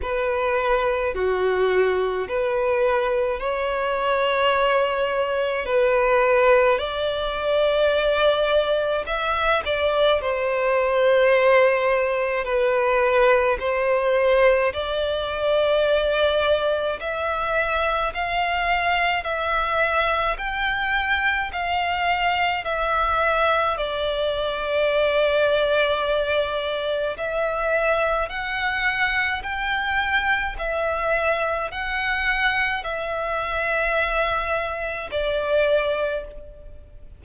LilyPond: \new Staff \with { instrumentName = "violin" } { \time 4/4 \tempo 4 = 53 b'4 fis'4 b'4 cis''4~ | cis''4 b'4 d''2 | e''8 d''8 c''2 b'4 | c''4 d''2 e''4 |
f''4 e''4 g''4 f''4 | e''4 d''2. | e''4 fis''4 g''4 e''4 | fis''4 e''2 d''4 | }